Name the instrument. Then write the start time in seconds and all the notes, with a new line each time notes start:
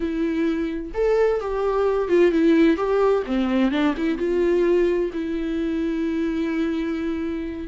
viola
0.00 E4
0.94 A4
1.40 G4
2.08 F4
2.31 E4
2.76 G4
3.26 C4
3.71 D4
3.96 E4
4.17 F4
5.13 E4